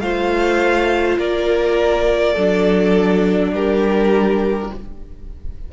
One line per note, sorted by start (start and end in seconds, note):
0.00 1.18 A3
0.00 2.37 F4
0.00 1.18 C5
0.00 1.18 F5
1.18 2.36 A#3
1.18 2.33 A#4
1.18 3.54 D5
2.33 3.52 F#3
2.33 4.73 D4
2.33 3.51 A4
3.52 4.70 G3
3.52 4.73 G4
3.52 4.72 A#4